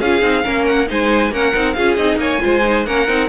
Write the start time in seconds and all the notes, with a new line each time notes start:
0.00 C#4 F4 G#4 F5
0.21 C4 D#4
0.43 A#3 C#4 A#4
0.66 F#5
0.87 G#3 D#4 C5 G#5
1.31 A#3 C#4 A#4 F#5
1.54 C4 D#4
1.73 C#4 F4 G#4 F5
1.96 C4 D#4 D#5
2.16 A#3 C#5 G#5
2.40 G#3 F4 C5
2.64 D#4
2.85 A#3 C#4 A#4 F#5
3.07 C4 D#4